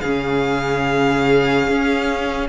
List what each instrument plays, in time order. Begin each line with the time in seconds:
0.00 cello C#3, viola C#4, violin G#4 F5
1.68 cello C#4